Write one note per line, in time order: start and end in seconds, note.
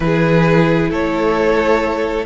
0.00 0.90 E3
0.00 2.25 E4
0.00 0.89 G#4
0.00 0.91 B4
0.89 2.25 A3
0.89 2.25 A4
0.89 2.25 C#5